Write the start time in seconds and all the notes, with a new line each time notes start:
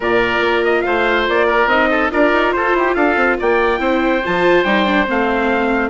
0.00 A#2 F4 A#4 D5
0.40 A#3
0.64 D#5
0.81 A3 C5 F5
1.28 A#3 D5
1.47 A#4
1.66 C4 D#4 D#5
1.90 A4
2.11 D4 F4 A#4 D5
2.32 D#4
2.52 F4 A4 C5
2.73 E4 G4
2.95 D4 A4 F5
3.15 C4
3.39 A#3 D5 G5
3.78 C4 E4 C5
4.25 F3 F4 A5
4.64 G3 D#4 G5
4.85 D4
5.06 A3 C4 F5